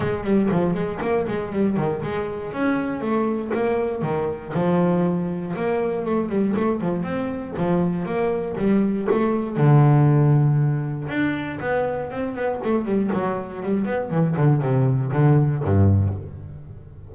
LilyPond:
\new Staff \with { instrumentName = "double bass" } { \time 4/4 \tempo 4 = 119 gis8 g8 f8 gis8 ais8 gis8 g8 dis8 | gis4 cis'4 a4 ais4 | dis4 f2 ais4 | a8 g8 a8 f8 c'4 f4 |
ais4 g4 a4 d4~ | d2 d'4 b4 | c'8 b8 a8 g8 fis4 g8 b8 | e8 d8 c4 d4 g,4 | }